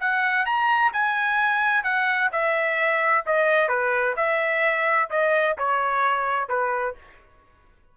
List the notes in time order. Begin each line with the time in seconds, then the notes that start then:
0.00 F#5
0.45 A#5
0.93 G#5
1.84 F#5
2.32 E5
3.26 D#5
3.68 B4
4.16 E5
5.10 D#5
5.58 C#5
6.48 B4